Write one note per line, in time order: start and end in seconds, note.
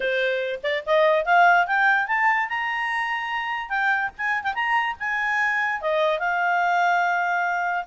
0.00 0.59 C5
0.63 0.84 D5
0.86 1.25 D#5
1.25 1.66 F5
1.66 2.07 G5
2.07 2.48 A5
2.48 3.69 A#5
3.69 4.10 G5
4.17 4.43 G#5
4.43 4.53 G5
4.54 4.95 A#5
4.99 5.81 G#5
5.81 6.19 D#5
6.19 7.85 F5